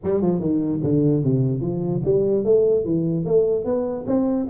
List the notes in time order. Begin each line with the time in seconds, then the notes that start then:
0.03 G3
0.21 F3
0.39 D#3
0.83 D3
1.23 C3
1.61 F3
2.04 G3
2.44 A3
2.84 E3
3.25 A3
3.64 B3
4.06 C4